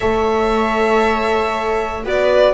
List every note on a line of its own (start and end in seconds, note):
0.00 2.04 A3
0.00 2.04 A4
0.00 2.03 C#5
0.00 2.04 E5
2.04 2.54 B3
2.04 2.54 F#4
2.04 2.54 B4
2.04 2.54 D5